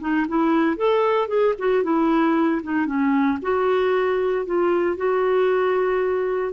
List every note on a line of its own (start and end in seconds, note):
0.00 0.26 D#4
0.28 0.76 E4
0.76 1.28 A4
1.28 1.54 G#4
1.58 1.83 F#4
1.83 2.61 E4
2.63 2.86 D#4
2.86 3.38 C#4
3.42 4.45 F#4
4.45 4.97 F4
4.97 6.52 F#4